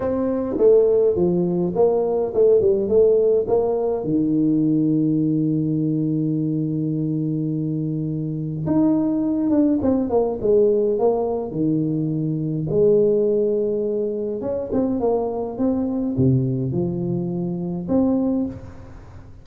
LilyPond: \new Staff \with { instrumentName = "tuba" } { \time 4/4 \tempo 4 = 104 c'4 a4 f4 ais4 | a8 g8 a4 ais4 dis4~ | dis1~ | dis2. dis'4~ |
dis'8 d'8 c'8 ais8 gis4 ais4 | dis2 gis2~ | gis4 cis'8 c'8 ais4 c'4 | c4 f2 c'4 | }